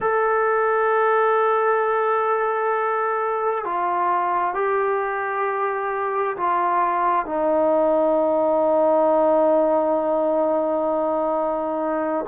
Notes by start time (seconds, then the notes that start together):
0.00 A4
3.64 F4
4.54 G4
6.36 F4
7.25 D#4